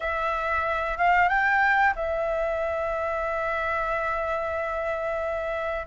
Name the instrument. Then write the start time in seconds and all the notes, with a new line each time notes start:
flute
0.00 E5
0.97 F5
1.29 G5
1.95 E5